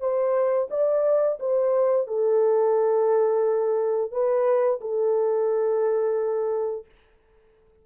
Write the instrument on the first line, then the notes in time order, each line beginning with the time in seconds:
horn
0.00 C5
0.70 D5
1.39 C5
2.07 A4
4.12 B4
4.81 A4